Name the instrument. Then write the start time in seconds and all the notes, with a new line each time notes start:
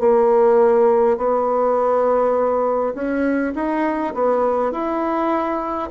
bassoon
0.00 A#3
1.18 B3
2.95 C#4
3.56 D#4
4.15 B3
4.72 E4